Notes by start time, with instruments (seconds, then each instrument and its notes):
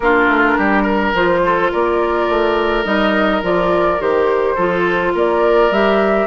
0.00 bassoon A#3, clarinet D4, oboe F4, flute A#4
0.27 bassoon A3
0.57 bassoon G3, oboe G4
0.82 oboe A#4
1.13 bassoon F3, clarinet F4, flute C5
1.45 oboe A4
1.71 bassoon A#3, oboe A#4, flute D5
2.28 bassoon A3
2.84 bassoon G3, clarinet D#4, flute D#5
3.42 bassoon F3, clarinet F4, flute D5
3.99 bassoon D#3, clarinet G4, flute C5
4.55 bassoon F3, clarinet F4, oboe A4
5.14 bassoon A#3, oboe A#4, flute D5
5.70 bassoon G3, clarinet G4, flute E5